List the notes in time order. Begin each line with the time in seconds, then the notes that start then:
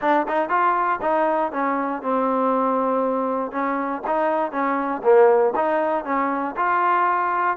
0.01 D4
0.28 D#4
0.49 F4
1.01 D#4
1.52 C#4
2.02 C4
3.51 C#4
4.06 D#4
4.51 C#4
5.03 A#3
5.55 D#4
6.05 C#4
6.56 F4